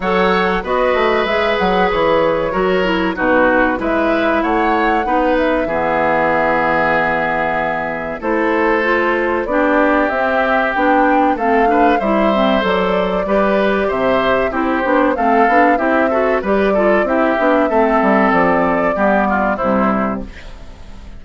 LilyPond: <<
  \new Staff \with { instrumentName = "flute" } { \time 4/4 \tempo 4 = 95 fis''4 dis''4 e''8 fis''8 cis''4~ | cis''4 b'4 e''4 fis''4~ | fis''8 e''2.~ e''8~ | e''4 c''2 d''4 |
e''4 g''4 f''4 e''4 | d''2 e''4 c''4 | f''4 e''4 d''4 e''4~ | e''4 d''2 c''4 | }
  \new Staff \with { instrumentName = "oboe" } { \time 4/4 cis''4 b'2. | ais'4 fis'4 b'4 cis''4 | b'4 gis'2.~ | gis'4 a'2 g'4~ |
g'2 a'8 b'8 c''4~ | c''4 b'4 c''4 g'4 | a'4 g'8 a'8 b'8 a'8 g'4 | a'2 g'8 f'8 e'4 | }
  \new Staff \with { instrumentName = "clarinet" } { \time 4/4 a'4 fis'4 gis'2 | fis'8 e'8 dis'4 e'2 | dis'4 b2.~ | b4 e'4 f'4 d'4 |
c'4 d'4 c'8 d'8 e'8 c'8 | a'4 g'2 e'8 d'8 | c'8 d'8 e'8 fis'8 g'8 f'8 e'8 d'8 | c'2 b4 g4 | }
  \new Staff \with { instrumentName = "bassoon" } { \time 4/4 fis4 b8 a8 gis8 fis8 e4 | fis4 b,4 gis4 a4 | b4 e2.~ | e4 a2 b4 |
c'4 b4 a4 g4 | fis4 g4 c4 c'8 b8 | a8 b8 c'4 g4 c'8 b8 | a8 g8 f4 g4 c4 | }
>>